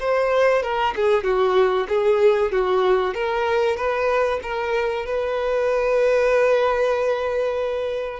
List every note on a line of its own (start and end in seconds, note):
0.00 0.63 C5
0.63 0.94 A#4
0.96 1.24 G#4
1.24 1.87 F#4
1.89 2.52 G#4
2.52 3.14 F#4
3.14 3.77 A#4
3.77 4.40 B4
4.43 5.06 A#4
5.06 8.20 B4